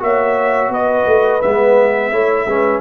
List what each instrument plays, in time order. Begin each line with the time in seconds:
0.00 tuba A#3, trombone F#4, horn C#5, trumpet E5
0.69 tuba B3, horn B4, trumpet D#5
1.06 tuba A3
1.42 tuba G#3, trombone B3, trumpet E5
2.12 tuba A3, trombone E4, horn C#5
2.46 tuba G#3, trombone C#4, horn B4